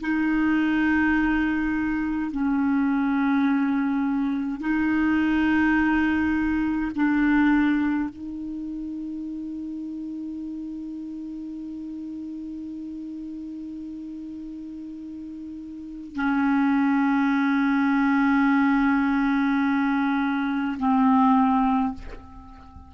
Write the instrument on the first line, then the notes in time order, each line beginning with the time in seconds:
clarinet
0.00 D#4
2.31 C#4
4.60 D#4
6.95 D4
8.09 D#4
16.15 C#4
20.78 C4